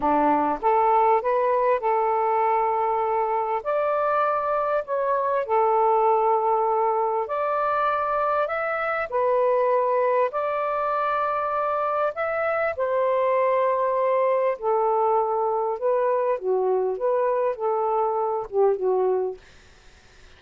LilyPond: \new Staff \with { instrumentName = "saxophone" } { \time 4/4 \tempo 4 = 99 d'4 a'4 b'4 a'4~ | a'2 d''2 | cis''4 a'2. | d''2 e''4 b'4~ |
b'4 d''2. | e''4 c''2. | a'2 b'4 fis'4 | b'4 a'4. g'8 fis'4 | }